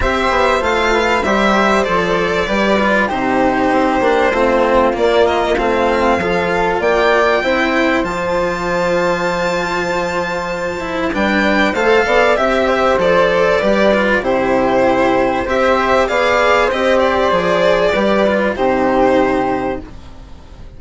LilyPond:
<<
  \new Staff \with { instrumentName = "violin" } { \time 4/4 \tempo 4 = 97 e''4 f''4 e''4 d''4~ | d''4 c''2. | d''8 dis''8 f''2 g''4~ | g''4 a''2.~ |
a''2 g''4 f''4 | e''4 d''2 c''4~ | c''4 e''4 f''4 dis''8 d''8~ | d''2 c''2 | }
  \new Staff \with { instrumentName = "flute" } { \time 4/4 c''4. b'8 c''2 | b'4 g'2 f'4~ | f'2 a'4 d''4 | c''1~ |
c''2 b'4 c''8 d''8 | e''8 c''4. b'4 g'4~ | g'4 c''4 d''4 c''4~ | c''4 b'4 g'2 | }
  \new Staff \with { instrumentName = "cello" } { \time 4/4 g'4 f'4 g'4 a'4 | g'8 f'8 dis'4. d'8 c'4 | ais4 c'4 f'2 | e'4 f'2.~ |
f'4. e'8 d'4 a'4 | g'4 a'4 g'8 f'8 e'4~ | e'4 g'4 gis'4 g'4 | gis'4 g'8 f'8 dis'2 | }
  \new Staff \with { instrumentName = "bassoon" } { \time 4/4 c'8 b8 a4 g4 f4 | g4 c4 c'8 ais8 a4 | ais4 a4 f4 ais4 | c'4 f2.~ |
f2 g4 a8 b8 | c'4 f4 g4 c4~ | c4 c'4 b4 c'4 | f4 g4 c2 | }
>>